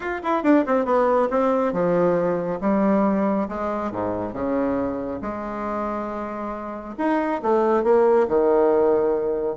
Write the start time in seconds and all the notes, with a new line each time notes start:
0.00 F4
0.23 E4
0.43 D4
0.66 C4
0.85 B3
1.30 C4
1.72 F3
2.60 G3
3.48 G#3
3.91 G#2
4.33 C#3
5.21 G#3
6.97 D#4
7.42 A3
7.83 A#3
8.28 D#3